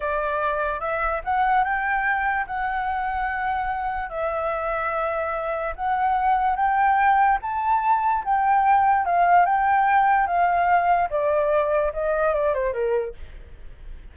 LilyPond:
\new Staff \with { instrumentName = "flute" } { \time 4/4 \tempo 4 = 146 d''2 e''4 fis''4 | g''2 fis''2~ | fis''2 e''2~ | e''2 fis''2 |
g''2 a''2 | g''2 f''4 g''4~ | g''4 f''2 d''4~ | d''4 dis''4 d''8 c''8 ais'4 | }